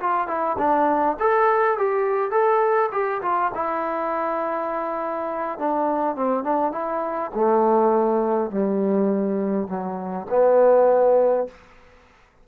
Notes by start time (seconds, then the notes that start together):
0.00 F4
0.27 E4
0.58 D4
1.19 A4
1.78 G4
2.31 A4
2.92 G4
3.22 F4
3.55 E4
5.59 D4
6.16 C4
6.44 D4
6.72 E4
7.35 A3
8.51 G3
9.68 F#3
10.30 B3